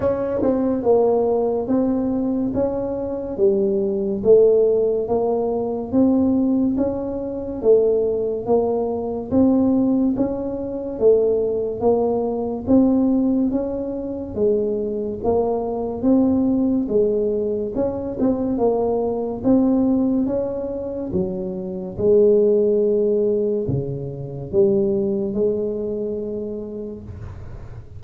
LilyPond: \new Staff \with { instrumentName = "tuba" } { \time 4/4 \tempo 4 = 71 cis'8 c'8 ais4 c'4 cis'4 | g4 a4 ais4 c'4 | cis'4 a4 ais4 c'4 | cis'4 a4 ais4 c'4 |
cis'4 gis4 ais4 c'4 | gis4 cis'8 c'8 ais4 c'4 | cis'4 fis4 gis2 | cis4 g4 gis2 | }